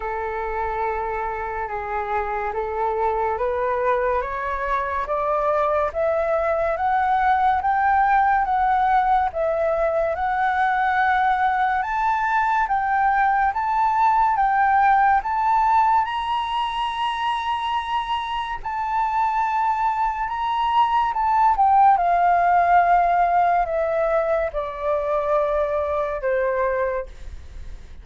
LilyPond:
\new Staff \with { instrumentName = "flute" } { \time 4/4 \tempo 4 = 71 a'2 gis'4 a'4 | b'4 cis''4 d''4 e''4 | fis''4 g''4 fis''4 e''4 | fis''2 a''4 g''4 |
a''4 g''4 a''4 ais''4~ | ais''2 a''2 | ais''4 a''8 g''8 f''2 | e''4 d''2 c''4 | }